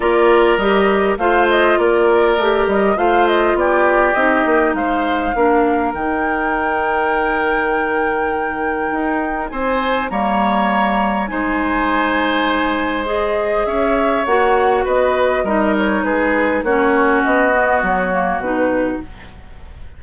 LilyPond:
<<
  \new Staff \with { instrumentName = "flute" } { \time 4/4 \tempo 4 = 101 d''4 dis''4 f''8 dis''8 d''4~ | d''8 dis''8 f''8 dis''8 d''4 dis''4 | f''2 g''2~ | g''1 |
gis''4 ais''2 gis''4~ | gis''2 dis''4 e''4 | fis''4 dis''4. cis''8 b'4 | cis''4 dis''4 cis''4 b'4 | }
  \new Staff \with { instrumentName = "oboe" } { \time 4/4 ais'2 c''4 ais'4~ | ais'4 c''4 g'2 | c''4 ais'2.~ | ais'1 |
c''4 cis''2 c''4~ | c''2. cis''4~ | cis''4 b'4 ais'4 gis'4 | fis'1 | }
  \new Staff \with { instrumentName = "clarinet" } { \time 4/4 f'4 g'4 f'2 | g'4 f'2 dis'4~ | dis'4 d'4 dis'2~ | dis'1~ |
dis'4 ais2 dis'4~ | dis'2 gis'2 | fis'2 dis'2 | cis'4. b4 ais8 dis'4 | }
  \new Staff \with { instrumentName = "bassoon" } { \time 4/4 ais4 g4 a4 ais4 | a8 g8 a4 b4 c'8 ais8 | gis4 ais4 dis2~ | dis2. dis'4 |
c'4 g2 gis4~ | gis2. cis'4 | ais4 b4 g4 gis4 | ais4 b4 fis4 b,4 | }
>>